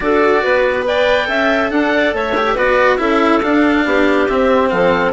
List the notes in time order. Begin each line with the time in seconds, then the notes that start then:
0.00 D4 F#4 A4 D5
0.43 B3 B4
0.82 B4 D5 G5
1.24 C#4 A4 E5
1.70 D4 F#5
1.93 D5
2.13 A3 C#5 E5
2.36 G4
2.54 B3 F#4 B4 D5
2.97 C#4 E4 A4 E5
3.42 D4 F5
3.85 B3 G4
4.28 C4 E5
4.69 F3 A4 F5